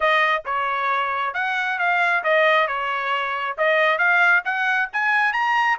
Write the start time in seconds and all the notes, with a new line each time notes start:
0.00 D#5
0.45 C#5
1.34 F#5
1.78 F5
2.23 D#5
2.67 C#5
3.57 D#5
3.98 F5
4.44 F#5
4.92 G#5
5.33 A#5